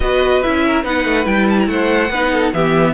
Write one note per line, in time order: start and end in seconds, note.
0.00 0.42 B3
0.00 0.43 F#4
0.00 0.65 B4
0.00 0.42 D#5
0.42 0.84 C#4
0.42 0.83 E4
0.42 0.84 E5
0.66 0.83 A#4
0.83 1.05 B3
0.83 1.23 D#4
0.83 1.68 B4
0.83 1.26 F#5
1.05 1.25 A3
1.23 1.67 G3
1.23 2.08 E4
1.23 1.47 G5
1.49 1.59 A5
1.59 1.68 A#5
1.67 2.10 A3
1.67 2.11 C5
1.67 2.53 F#5
2.10 2.52 B3
2.10 2.53 D#4
2.10 2.32 B4
2.32 2.54 A4
2.53 2.93 E3
2.53 2.93 B3
2.53 2.93 G4
2.53 2.93 E5